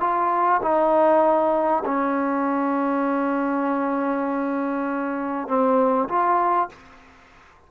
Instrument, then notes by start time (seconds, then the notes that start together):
trombone
0.00 F4
0.62 D#4
1.85 C#4
5.47 C4
6.08 F4